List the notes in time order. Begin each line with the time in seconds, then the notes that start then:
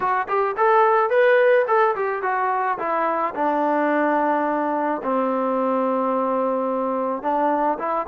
0.00 F#4
0.28 G4
0.57 A4
1.10 B4
1.67 A4
1.95 G4
2.22 F#4
2.78 E4
3.35 D4
5.03 C4
7.22 D4
7.78 E4